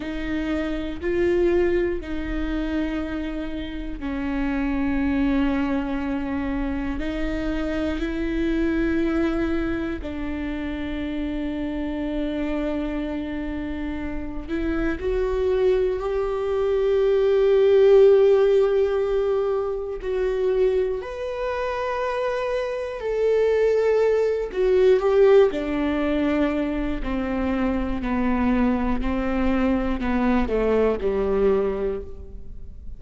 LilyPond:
\new Staff \with { instrumentName = "viola" } { \time 4/4 \tempo 4 = 60 dis'4 f'4 dis'2 | cis'2. dis'4 | e'2 d'2~ | d'2~ d'8 e'8 fis'4 |
g'1 | fis'4 b'2 a'4~ | a'8 fis'8 g'8 d'4. c'4 | b4 c'4 b8 a8 g4 | }